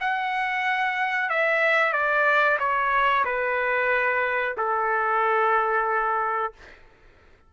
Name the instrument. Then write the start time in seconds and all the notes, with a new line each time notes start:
trumpet
0.00 F#5
1.29 E5
1.93 D5
2.59 C#5
3.25 B4
4.57 A4